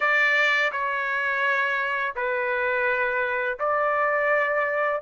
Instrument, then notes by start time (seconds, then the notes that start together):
trumpet
0.00 D5
0.72 C#5
2.15 B4
3.59 D5